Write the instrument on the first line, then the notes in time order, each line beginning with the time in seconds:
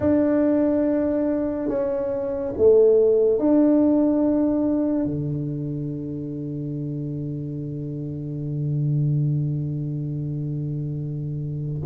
tuba
0.00 D4
1.68 C#4
2.57 A3
3.38 D4
5.05 D3